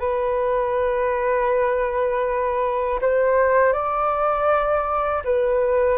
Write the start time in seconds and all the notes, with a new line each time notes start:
0.00 B4
3.01 C5
3.73 D5
5.25 B4